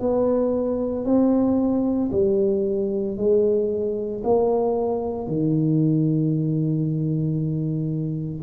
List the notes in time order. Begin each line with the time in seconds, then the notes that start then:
0.00 B3
1.05 C4
2.12 G3
3.17 G#3
4.24 A#3
5.28 D#3